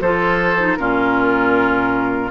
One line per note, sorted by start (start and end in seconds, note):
0.00 0.77 F3
0.00 0.58 F4
0.00 0.78 A4
0.00 0.76 C5
0.58 0.77 D#4
0.76 2.30 A#2
0.76 2.30 C#4
0.76 2.30 F4
0.76 2.30 A#4